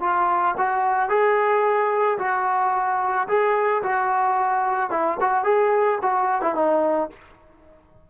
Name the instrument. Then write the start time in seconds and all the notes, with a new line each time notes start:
trombone
0.00 F4
0.57 F#4
1.09 G#4
2.18 F#4
3.28 G#4
3.83 F#4
4.90 E4
5.20 F#4
5.44 G#4
6.02 F#4
6.41 E4
6.55 D#4